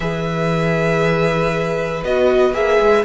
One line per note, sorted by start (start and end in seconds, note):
0.00 2.03 E3
0.00 2.03 G#4
0.00 3.04 B4
0.00 2.03 E5
2.04 2.53 B3
2.04 2.53 F#4
2.04 2.54 D#5
2.53 2.79 A#3
2.53 3.04 G#4
2.53 3.04 E5
2.79 3.04 G#3